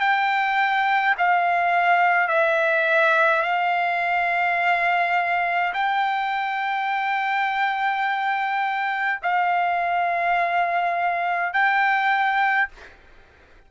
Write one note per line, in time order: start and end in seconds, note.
0.00 1.15 G5
1.18 2.28 F5
2.28 3.42 E5
3.42 5.73 F5
5.74 9.20 G5
9.23 11.53 F5
11.53 12.69 G5